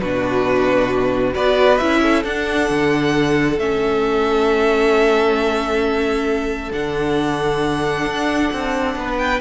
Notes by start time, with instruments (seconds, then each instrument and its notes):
0.00 cello B2, viola D4, violin F#4 B4
1.34 cello B3, viola F#4, violin B4 D5
1.78 cello C#4, viola E4, violin E5
2.02 violin A4
2.24 cello D4, viola D4, violin F#5
2.69 cello D3
3.58 cello A3, viola C#4, violin E5
6.72 cello D3, viola D4, violin F#5
8.06 cello D4
8.53 cello C4
8.96 cello B3, violin B4
9.18 violin G5